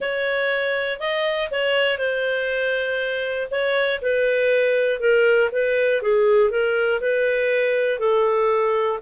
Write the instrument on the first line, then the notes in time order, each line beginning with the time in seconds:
clarinet
0.00 C#5
0.99 D#5
1.50 C#5
1.97 C5
3.50 C#5
4.01 B4
5.00 A#4
5.52 B4
6.01 G#4
6.50 A#4
7.00 B4
7.99 A4